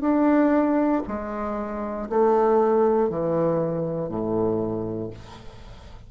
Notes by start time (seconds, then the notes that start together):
0.00 D4
1.07 G#3
2.09 A3
3.09 E3
4.08 A2